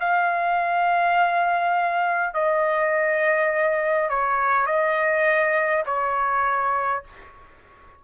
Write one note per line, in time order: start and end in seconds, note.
0.00 2.34 F5
2.34 4.10 D#5
4.10 4.66 C#5
4.66 5.84 D#5
5.86 7.04 C#5